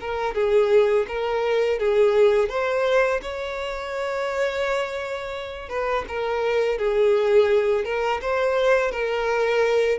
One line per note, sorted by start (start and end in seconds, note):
0.00 0.34 A#4
0.34 1.06 G#4
1.07 1.79 A#4
1.79 2.49 G#4
2.49 3.20 C5
3.21 5.69 C#5
5.69 6.05 B4
6.08 6.78 A#4
6.78 7.84 G#4
7.84 8.20 A#4
8.21 8.91 C5
8.91 9.98 A#4